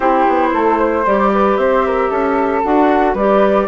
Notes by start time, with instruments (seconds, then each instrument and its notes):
0.00 bassoon C4, clarinet E4, flute G4 C5
0.28 bassoon B3
0.53 bassoon A3, flute A4
0.78 flute C5
1.06 bassoon G3, clarinet G4, flute D5
1.33 flute B4
1.57 bassoon C4, flute C5 E5
1.86 flute A#4
2.10 bassoon C#4, flute A4
2.63 bassoon D4, clarinet F#4, flute F#5
3.13 bassoon G3, clarinet G4, flute B4 D5